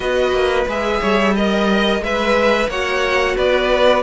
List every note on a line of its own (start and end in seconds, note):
0.00 0.32 B3
0.00 0.66 F#4
0.00 1.00 B4
0.00 0.67 D#5
0.32 0.65 A#3
0.66 1.00 G#3
0.66 1.36 G#4
0.66 1.36 E5
1.00 2.00 G3
1.00 1.34 C#5
1.35 2.03 A#4
1.35 2.02 D#5
1.35 2.03 D#5
2.00 2.67 G#3
2.00 2.69 B4
2.00 2.69 E5
2.06 2.70 B4
2.68 3.35 A#3
2.68 4.02 F#4
2.68 3.35 C#5
2.68 3.37 F#5
3.35 4.02 B3
3.35 4.02 B4
3.35 4.02 D5